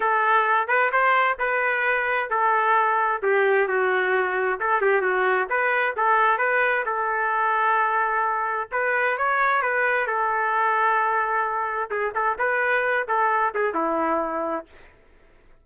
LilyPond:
\new Staff \with { instrumentName = "trumpet" } { \time 4/4 \tempo 4 = 131 a'4. b'8 c''4 b'4~ | b'4 a'2 g'4 | fis'2 a'8 g'8 fis'4 | b'4 a'4 b'4 a'4~ |
a'2. b'4 | cis''4 b'4 a'2~ | a'2 gis'8 a'8 b'4~ | b'8 a'4 gis'8 e'2 | }